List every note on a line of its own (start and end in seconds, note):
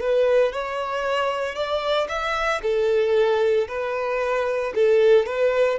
0.00 0.53 B4
0.53 1.56 C#5
1.56 2.08 D5
2.09 2.61 E5
2.63 3.68 A4
3.68 4.74 B4
4.75 5.26 A4
5.26 5.79 B4